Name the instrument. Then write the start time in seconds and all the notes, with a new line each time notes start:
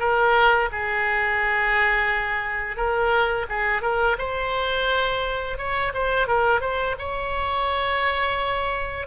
oboe
0.00 A#4
0.72 G#4
2.77 A#4
3.49 G#4
3.82 A#4
4.19 C5
5.58 C#5
5.94 C5
6.28 A#4
6.61 C5
6.99 C#5